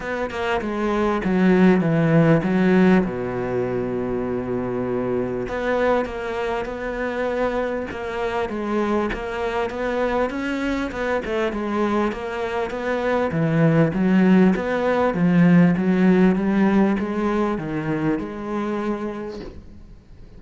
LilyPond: \new Staff \with { instrumentName = "cello" } { \time 4/4 \tempo 4 = 99 b8 ais8 gis4 fis4 e4 | fis4 b,2.~ | b,4 b4 ais4 b4~ | b4 ais4 gis4 ais4 |
b4 cis'4 b8 a8 gis4 | ais4 b4 e4 fis4 | b4 f4 fis4 g4 | gis4 dis4 gis2 | }